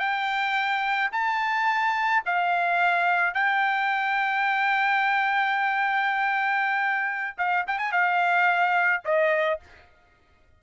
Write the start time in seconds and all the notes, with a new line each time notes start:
0.00 G5
1.12 A5
2.26 F5
3.34 G5
7.38 F5
7.67 G5
7.79 G#5
7.92 F5
9.05 D#5